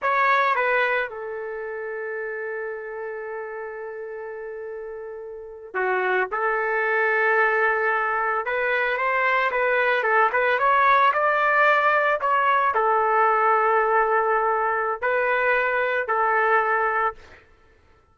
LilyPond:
\new Staff \with { instrumentName = "trumpet" } { \time 4/4 \tempo 4 = 112 cis''4 b'4 a'2~ | a'1~ | a'2~ a'8. fis'4 a'16~ | a'2.~ a'8. b'16~ |
b'8. c''4 b'4 a'8 b'8 cis''16~ | cis''8. d''2 cis''4 a'16~ | a'1 | b'2 a'2 | }